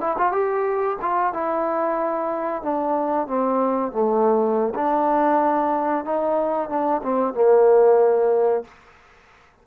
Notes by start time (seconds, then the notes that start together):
0.00 E4
0.18 F4
0.32 G4
1.01 F4
1.33 E4
2.62 D4
3.27 C4
3.92 A3
4.75 D4
6.04 D#4
6.69 D4
7.03 C4
7.33 A#3